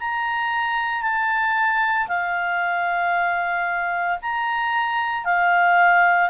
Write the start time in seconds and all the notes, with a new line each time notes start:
0.00 A#5
1.02 A5
2.08 F5
4.22 A#5
5.25 F5